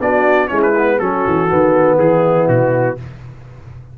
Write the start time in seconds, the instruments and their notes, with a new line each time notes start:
0.00 tuba B3, trombone D4, horn F#4, trumpet D5
0.48 tuba G#3, trombone C#4, horn E4, trumpet C#5
0.62 trumpet B4
0.76 trombone B3
0.99 tuba F#3, trombone C#4, horn F#4, trumpet A4
1.26 tuba E3
1.49 tuba D#3, trombone B3
1.98 tuba E3, horn E4, trumpet G#4
2.48 tuba B2, trumpet F#4